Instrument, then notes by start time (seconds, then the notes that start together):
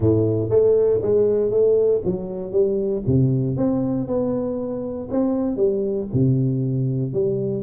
tuba
0.00 A2
0.49 A3
1.02 G#3
1.50 A3
2.05 F#3
2.51 G3
3.06 C3
3.56 C4
4.07 B3
5.10 C4
5.56 G3
6.13 C3
7.13 G3